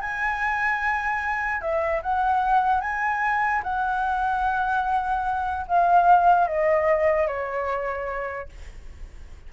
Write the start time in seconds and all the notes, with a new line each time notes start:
0.00 G#5
1.61 E5
2.02 F#5
2.80 G#5
3.63 F#5
5.67 F5
6.47 D#5
7.27 C#5